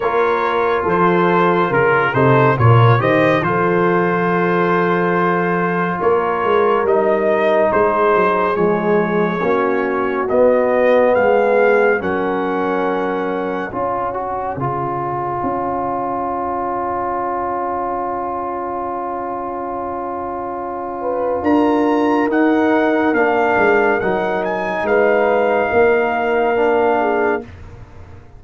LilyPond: <<
  \new Staff \with { instrumentName = "trumpet" } { \time 4/4 \tempo 4 = 70 cis''4 c''4 ais'8 c''8 cis''8 dis''8 | c''2. cis''4 | dis''4 c''4 cis''2 | dis''4 f''4 fis''2 |
gis''1~ | gis''1~ | gis''4 ais''4 fis''4 f''4 | fis''8 gis''8 f''2. | }
  \new Staff \with { instrumentName = "horn" } { \time 4/4 ais'4 a'4 ais'8 a'8 ais'8 c''8 | a'2. ais'4~ | ais'4 gis'2 fis'4~ | fis'4 gis'4 ais'2 |
cis''1~ | cis''1~ | cis''8 b'8 ais'2.~ | ais'4 b'4 ais'4. gis'8 | }
  \new Staff \with { instrumentName = "trombone" } { \time 4/4 f'2~ f'8 dis'8 f'8 g'8 | f'1 | dis'2 gis4 cis'4 | b2 cis'2 |
f'8 fis'8 f'2.~ | f'1~ | f'2 dis'4 d'4 | dis'2. d'4 | }
  \new Staff \with { instrumentName = "tuba" } { \time 4/4 ais4 f4 cis8 c8 ais,8 dis8 | f2. ais8 gis8 | g4 gis8 fis8 f4 ais4 | b4 gis4 fis2 |
cis'4 cis4 cis'2~ | cis'1~ | cis'4 d'4 dis'4 ais8 gis8 | fis4 gis4 ais2 | }
>>